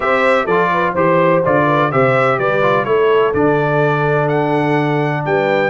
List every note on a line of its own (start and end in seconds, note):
0.00 0.46 C4
0.00 0.47 G4
0.00 0.45 C5
0.00 0.46 E5
0.45 0.94 F3
0.45 0.96 F4
0.45 0.69 A4
0.45 0.94 D5
0.72 0.92 B4
0.92 1.42 E3
0.92 1.43 G4
0.92 1.64 C5
0.92 1.43 C5
1.44 1.93 D3
1.44 1.91 F4
1.44 1.91 D5
1.66 1.90 B4
1.91 2.38 C3
1.91 2.61 G4
1.91 2.38 C5
1.91 2.38 E5
2.38 2.85 G3
2.38 2.86 B4
2.38 2.84 D5
2.61 2.85 F4
2.84 3.32 A3
2.84 3.33 E4
2.84 5.25 A4
2.84 3.32 C#5
3.33 5.24 D3
3.33 5.69 D4
3.33 4.28 D5
4.28 5.23 F#5
5.25 5.69 G3
5.25 5.69 B4
5.25 5.69 G5